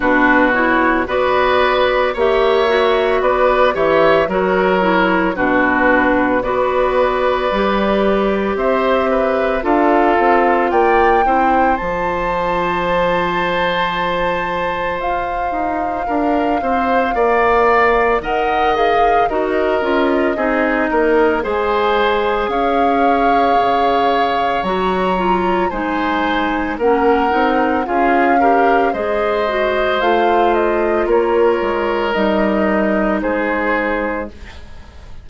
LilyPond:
<<
  \new Staff \with { instrumentName = "flute" } { \time 4/4 \tempo 4 = 56 b'8 cis''8 d''4 e''4 d''8 e''8 | cis''4 b'4 d''2 | e''4 f''4 g''4 a''4~ | a''2 f''2~ |
f''4 fis''8 f''8 dis''2 | gis''4 f''2 ais''4 | gis''4 fis''4 f''4 dis''4 | f''8 dis''8 cis''4 dis''4 c''4 | }
  \new Staff \with { instrumentName = "oboe" } { \time 4/4 fis'4 b'4 cis''4 b'8 cis''8 | ais'4 fis'4 b'2 | c''8 b'8 a'4 d''8 c''4.~ | c''2. ais'8 c''8 |
d''4 dis''4 ais'4 gis'8 ais'8 | c''4 cis''2. | c''4 ais'4 gis'8 ais'8 c''4~ | c''4 ais'2 gis'4 | }
  \new Staff \with { instrumentName = "clarinet" } { \time 4/4 d'8 e'8 fis'4 g'8 fis'4 g'8 | fis'8 e'8 d'4 fis'4 g'4~ | g'4 f'4. e'8 f'4~ | f'1~ |
f'4 ais'8 gis'8 fis'8 f'8 dis'4 | gis'2. fis'8 f'8 | dis'4 cis'8 dis'8 f'8 g'8 gis'8 fis'8 | f'2 dis'2 | }
  \new Staff \with { instrumentName = "bassoon" } { \time 4/4 b,4 b4 ais4 b8 e8 | fis4 b,4 b4 g4 | c'4 d'8 c'8 ais8 c'8 f4~ | f2 f'8 dis'8 d'8 c'8 |
ais4 dis4 dis'8 cis'8 c'8 ais8 | gis4 cis'4 cis4 fis4 | gis4 ais8 c'8 cis'4 gis4 | a4 ais8 gis8 g4 gis4 | }
>>